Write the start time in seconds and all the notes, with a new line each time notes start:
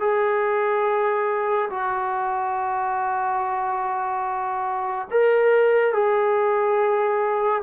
0.00 G#4
1.70 F#4
5.11 A#4
5.93 G#4